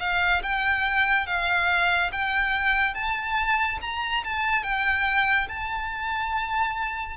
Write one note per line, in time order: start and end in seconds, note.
0.00 0.42 F5
0.43 1.27 G5
1.27 2.11 F5
2.12 2.94 G5
2.94 3.79 A5
3.81 4.24 A#5
4.24 4.63 A5
4.63 5.48 G5
5.49 7.17 A5